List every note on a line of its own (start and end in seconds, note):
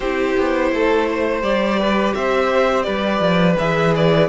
0.00 0.36 C4
0.00 1.41 E4
0.00 0.70 G4
0.00 1.42 C5
0.37 0.72 B3
0.72 1.42 A3
0.72 1.09 A4
1.09 1.79 C5
1.41 2.13 G3
1.41 3.56 G4
1.41 2.13 D5
1.79 2.15 B4
2.14 2.86 C4
2.14 2.85 C5
2.14 2.82 E5
2.82 3.20 G3
2.82 4.28 B4
2.82 3.54 D5
3.20 3.56 F3
3.58 4.28 E3
3.58 4.28 G#4
3.58 3.94 E5
3.95 4.28 D5